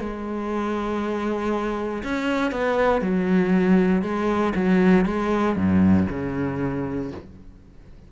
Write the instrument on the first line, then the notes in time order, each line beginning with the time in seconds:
cello
0.00 G#3
2.04 C#4
2.52 B3
3.02 F#3
4.02 G#3
4.56 F#3
5.06 G#3
5.57 F#2
6.10 C#3